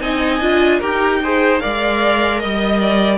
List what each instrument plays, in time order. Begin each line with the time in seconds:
0.00 cello C4, viola D#4, violin D#5 G#5
0.40 cello D4, viola F4
0.79 cello D#4, viola G4, violin A#4 G5
1.23 viola G#4, violin C5
1.59 cello G#3, viola A#4, violin D5 F5
2.39 cello G3, violin D#5
2.81 violin D5